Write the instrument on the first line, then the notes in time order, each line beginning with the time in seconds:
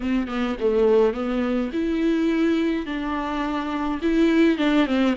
viola
0.00 C4
0.27 B3
0.59 A3
1.13 B3
1.72 E4
2.86 D4
4.02 E4
4.58 D4
4.86 C4